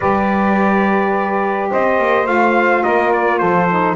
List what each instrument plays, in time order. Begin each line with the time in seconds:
0.00 double bass G3, saxophone G4 B4, trumpet D5
1.70 double bass C4, saxophone C5, trumpet D#5
1.98 double bass A#3
2.25 double bass A3, saxophone F4, trumpet F5
2.82 double bass A#3, saxophone A#4, trumpet D#5
3.12 trumpet D5
3.38 double bass F3, saxophone A4, trumpet C5
3.70 saxophone D#4